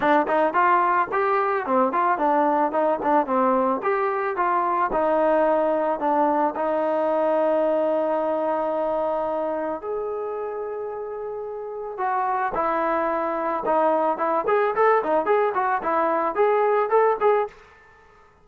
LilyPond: \new Staff \with { instrumentName = "trombone" } { \time 4/4 \tempo 4 = 110 d'8 dis'8 f'4 g'4 c'8 f'8 | d'4 dis'8 d'8 c'4 g'4 | f'4 dis'2 d'4 | dis'1~ |
dis'2 gis'2~ | gis'2 fis'4 e'4~ | e'4 dis'4 e'8 gis'8 a'8 dis'8 | gis'8 fis'8 e'4 gis'4 a'8 gis'8 | }